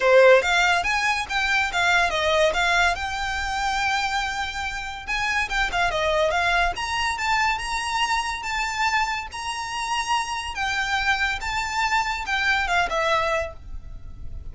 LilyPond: \new Staff \with { instrumentName = "violin" } { \time 4/4 \tempo 4 = 142 c''4 f''4 gis''4 g''4 | f''4 dis''4 f''4 g''4~ | g''1 | gis''4 g''8 f''8 dis''4 f''4 |
ais''4 a''4 ais''2 | a''2 ais''2~ | ais''4 g''2 a''4~ | a''4 g''4 f''8 e''4. | }